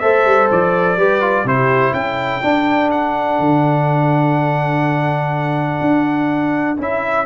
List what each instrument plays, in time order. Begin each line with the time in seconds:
0.00 tuba A3, trombone A4, horn C5, trumpet E5
0.26 tuba G3
0.51 tuba F3, trumpet D5
0.97 tuba G3, trombone G4, horn B4
1.21 trombone F4
1.44 tuba C3, trombone E4, horn G4, trumpet C5
1.93 tuba C#4, horn A4, trumpet G5
2.42 trombone D4, tuba D4
2.91 trumpet F#5
3.40 tuba D3
5.81 tuba D4
6.78 tuba C#4, trombone E4, trumpet E5